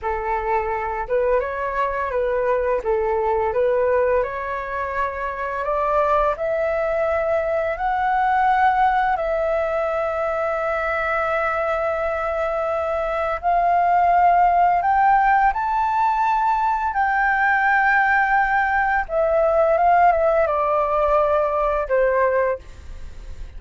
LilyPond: \new Staff \with { instrumentName = "flute" } { \time 4/4 \tempo 4 = 85 a'4. b'8 cis''4 b'4 | a'4 b'4 cis''2 | d''4 e''2 fis''4~ | fis''4 e''2.~ |
e''2. f''4~ | f''4 g''4 a''2 | g''2. e''4 | f''8 e''8 d''2 c''4 | }